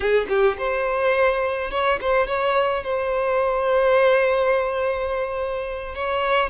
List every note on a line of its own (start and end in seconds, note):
0.00 0.26 G#4
0.29 0.57 G4
0.58 1.70 C5
1.70 1.99 C#5
2.01 2.27 C5
2.27 2.83 C#5
2.83 5.94 C5
5.94 6.49 C#5